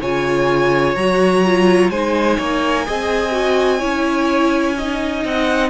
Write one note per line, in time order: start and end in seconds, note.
0.00 0.95 C#3
0.00 0.96 F4
0.00 1.90 C#5
0.00 0.95 G#5
0.95 1.90 F#3
0.95 1.44 F#4
0.95 1.90 A#5
1.44 1.92 F4
1.90 2.37 G#3
1.90 2.86 D#4
1.90 2.37 C5
1.90 5.23 G#5
2.37 2.87 A#3
2.37 2.85 C#5
2.86 3.83 C4
2.86 3.31 G#4
2.86 3.79 D#5
3.31 3.79 F#4
3.79 5.24 C#4
3.79 4.75 E4
3.79 4.74 C#5
4.77 5.70 D#4
4.77 5.70 D#5
5.24 5.70 C4
5.24 5.70 F#5